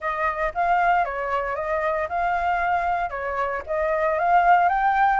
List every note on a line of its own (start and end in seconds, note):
0.00 0.52 D#5
0.54 1.05 F5
1.05 1.55 C#5
1.55 2.08 D#5
2.08 3.10 F5
3.10 3.62 C#5
3.66 4.18 D#5
4.19 4.68 F5
4.68 5.20 G5